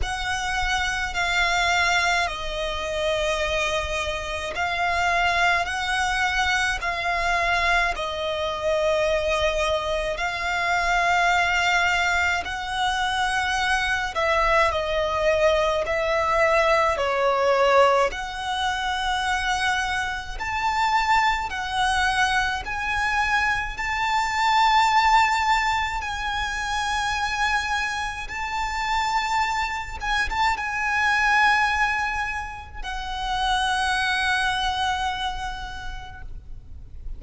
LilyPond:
\new Staff \with { instrumentName = "violin" } { \time 4/4 \tempo 4 = 53 fis''4 f''4 dis''2 | f''4 fis''4 f''4 dis''4~ | dis''4 f''2 fis''4~ | fis''8 e''8 dis''4 e''4 cis''4 |
fis''2 a''4 fis''4 | gis''4 a''2 gis''4~ | gis''4 a''4. gis''16 a''16 gis''4~ | gis''4 fis''2. | }